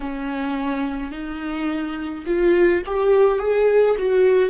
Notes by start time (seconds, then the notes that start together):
0.00 C#4
1.11 D#4
2.25 F4
2.86 G4
3.39 G#4
3.98 F#4